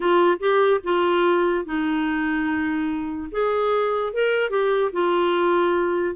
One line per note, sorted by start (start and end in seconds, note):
0.00 0.38 F4
0.39 0.80 G4
0.83 1.65 F4
1.65 3.29 D#4
3.31 4.13 G#4
4.13 4.50 A#4
4.50 4.91 G4
4.92 6.15 F4